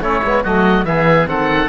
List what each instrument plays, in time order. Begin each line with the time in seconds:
0.00 cello A3, trombone C#4, oboe E4 C#5
0.23 cello G#3, trombone B3
0.43 cello F#3, trombone A3, oboe F#4 D#5
0.84 cello E3, trombone B3, oboe G#4 E5
1.26 cello D#3, trombone C4, oboe A4 F#5